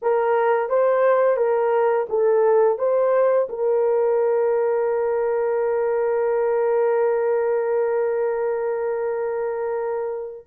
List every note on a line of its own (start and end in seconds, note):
0.02 0.68 A#4
0.68 1.36 C5
1.36 2.06 A#4
2.09 2.78 A4
2.78 3.48 C5
3.49 10.47 A#4